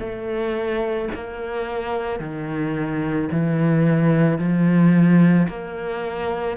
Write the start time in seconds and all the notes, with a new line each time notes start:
0.00 A3
1.15 A#3
2.20 D#3
3.32 E3
4.39 F3
5.48 A#3